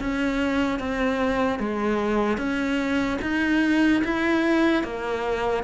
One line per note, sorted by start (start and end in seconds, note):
0.00 0.80 C#4
0.80 1.60 C4
1.60 2.38 G#3
2.38 3.19 C#4
3.22 4.03 D#4
4.05 4.84 E4
4.84 5.64 A#3